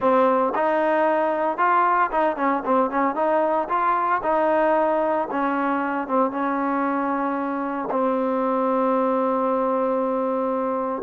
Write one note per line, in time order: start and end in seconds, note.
0.00 0.53 C4
0.54 1.57 D#4
1.57 2.10 F4
2.11 2.36 D#4
2.36 2.62 C#4
2.65 2.90 C4
2.90 3.15 C#4
3.15 3.67 D#4
3.68 4.21 F4
4.22 5.28 D#4
5.31 6.07 C#4
6.07 6.30 C4
6.30 7.88 C#4
7.90 11.02 C4